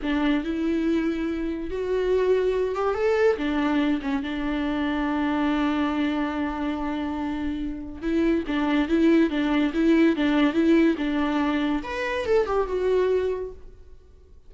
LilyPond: \new Staff \with { instrumentName = "viola" } { \time 4/4 \tempo 4 = 142 d'4 e'2. | fis'2~ fis'8 g'8 a'4 | d'4. cis'8 d'2~ | d'1~ |
d'2. e'4 | d'4 e'4 d'4 e'4 | d'4 e'4 d'2 | b'4 a'8 g'8 fis'2 | }